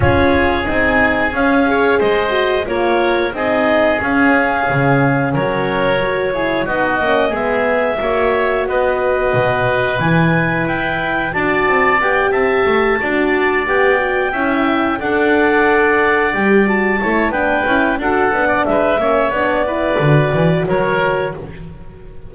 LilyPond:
<<
  \new Staff \with { instrumentName = "clarinet" } { \time 4/4 \tempo 4 = 90 cis''4 gis''4 f''4 dis''4 | cis''4 dis''4 f''2 | cis''2 dis''4 e''4~ | e''4 dis''2 gis''4 |
g''4 a''4 g''8 a''4.~ | a''8 g''2 fis''4.~ | fis''8 g''8 a''4 g''4 fis''4 | e''4 d''2 cis''4 | }
  \new Staff \with { instrumentName = "oboe" } { \time 4/4 gis'2~ gis'8 cis''8 c''4 | ais'4 gis'2. | ais'4. gis'8 fis'4 gis'4 | cis''4 b'2.~ |
b'4 d''4. e''4 d''8~ | d''4. e''4 d''4.~ | d''4. cis''8 b'4 a'8. d''16 | b'8 cis''4 b'4. ais'4 | }
  \new Staff \with { instrumentName = "horn" } { \time 4/4 f'4 dis'4 cis'8 gis'4 fis'8 | f'4 dis'4 cis'2~ | cis'4 fis'8 e'8 dis'8 cis'8 b4 | fis'2. e'4~ |
e'4 fis'4 g'4. fis'8~ | fis'8 g'8 fis'8 e'4 a'4.~ | a'8 g'8 fis'8 e'8 d'8 e'8 fis'8 d'8~ | d'8 cis'8 d'8 e'8 fis'2 | }
  \new Staff \with { instrumentName = "double bass" } { \time 4/4 cis'4 c'4 cis'4 gis4 | ais4 c'4 cis'4 cis4 | fis2 b8 ais8 gis4 | ais4 b4 b,4 e4 |
e'4 d'8 c'8 b8 c'8 a8 d'8~ | d'8 b4 cis'4 d'4.~ | d'8 g4 a8 b8 cis'8 d'8 b8 | gis8 ais8 b4 d8 e8 fis4 | }
>>